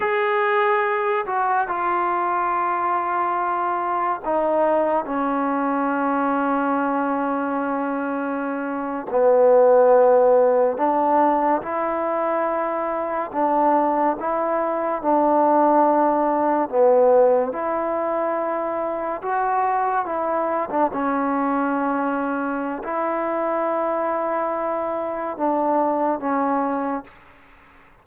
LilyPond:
\new Staff \with { instrumentName = "trombone" } { \time 4/4 \tempo 4 = 71 gis'4. fis'8 f'2~ | f'4 dis'4 cis'2~ | cis'2~ cis'8. b4~ b16~ | b8. d'4 e'2 d'16~ |
d'8. e'4 d'2 b16~ | b8. e'2 fis'4 e'16~ | e'8 d'16 cis'2~ cis'16 e'4~ | e'2 d'4 cis'4 | }